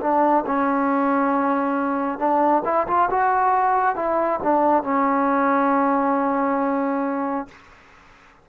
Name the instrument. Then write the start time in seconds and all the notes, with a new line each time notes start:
trombone
0.00 D4
0.46 C#4
2.19 D4
2.64 E4
2.87 F4
3.10 F#4
3.95 E4
4.43 D4
4.83 C#4